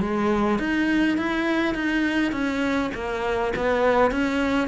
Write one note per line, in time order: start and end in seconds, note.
0.00 0.59 G#3
0.59 1.17 D#4
1.17 1.74 E4
1.74 2.32 D#4
2.32 2.91 C#4
2.94 3.53 A#3
3.56 4.11 B3
4.11 4.68 C#4